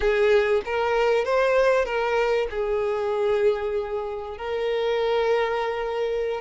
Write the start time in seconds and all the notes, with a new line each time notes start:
0.00 G#4
0.65 A#4
1.24 C5
1.85 A#4
2.50 G#4
4.37 A#4